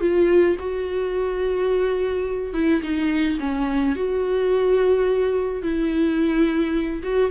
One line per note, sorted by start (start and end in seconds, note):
0.00 0.56 F4
0.59 2.53 F#4
2.53 2.81 E4
2.82 3.38 D#4
3.39 3.95 C#4
3.96 5.62 F#4
5.62 7.02 E4
7.03 7.31 F#4